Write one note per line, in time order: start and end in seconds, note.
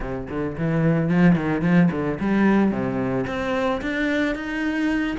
0.00 0.27 C3
0.29 0.57 D3
0.57 1.09 E3
1.09 1.35 F3
1.35 1.61 D#3
1.61 1.89 F3
1.91 2.18 D3
2.19 2.71 G3
2.71 3.25 C3
3.26 3.81 C4
3.81 4.35 D4
4.35 5.17 D#4